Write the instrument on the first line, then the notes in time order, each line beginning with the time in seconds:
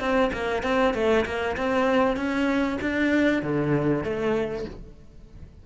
cello
0.00 C4
0.33 A#3
0.63 C4
0.94 A3
1.26 A#3
1.57 C4
2.16 C#4
2.81 D4
3.43 D3
4.03 A3